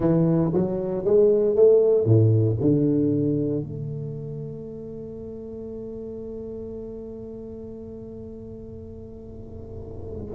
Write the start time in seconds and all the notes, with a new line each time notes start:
0.00 E3
0.53 F#3
1.04 G#3
1.55 A3
2.05 A2
2.60 D3
3.63 A3